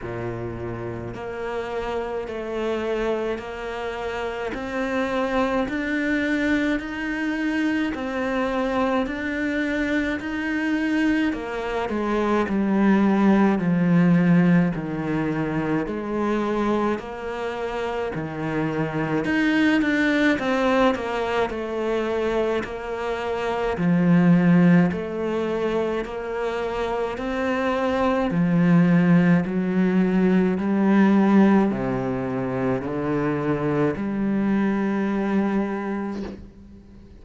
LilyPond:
\new Staff \with { instrumentName = "cello" } { \time 4/4 \tempo 4 = 53 ais,4 ais4 a4 ais4 | c'4 d'4 dis'4 c'4 | d'4 dis'4 ais8 gis8 g4 | f4 dis4 gis4 ais4 |
dis4 dis'8 d'8 c'8 ais8 a4 | ais4 f4 a4 ais4 | c'4 f4 fis4 g4 | c4 d4 g2 | }